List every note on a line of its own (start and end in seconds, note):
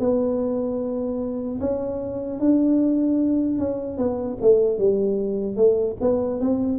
0.00 1.60 B3
1.61 2.40 C#4
2.40 3.59 D4
3.59 3.98 C#4
3.98 4.38 B3
4.41 4.79 A3
4.79 5.57 G3
5.57 5.97 A3
6.01 6.41 B3
6.41 6.79 C4